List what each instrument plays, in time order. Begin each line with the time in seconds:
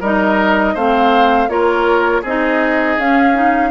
0.00 bassoon G3, clarinet D#4, oboe A#4, flute D#5
0.74 bassoon A3, clarinet C4, oboe C5, flute F5
1.48 bassoon A#3, clarinet F4, oboe A#4, flute C#5
2.22 bassoon C4, clarinet D#4, oboe G#4, flute D#5
2.98 bassoon C#4, clarinet C#4, flute F5
3.34 clarinet D#4